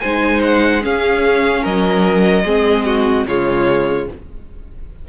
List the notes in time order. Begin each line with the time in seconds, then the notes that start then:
0.00 G#3 D#4 C5 G#5
0.43 F#5
0.81 C#4 G#4 F5
1.62 F#3 A#4 D#5
2.44 G#3 C4 G#4
2.86 F#4
3.27 C#3 G#3 F4 C#5